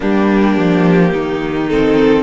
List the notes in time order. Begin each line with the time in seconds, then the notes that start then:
0.00 G3 A#3 D4 G4
0.57 F3
1.12 D#3 D#4
1.69 C4 A4